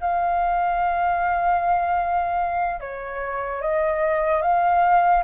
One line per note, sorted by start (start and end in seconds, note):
0.00 2.80 F5
2.80 3.61 C#5
3.61 4.42 D#5
4.42 5.23 F5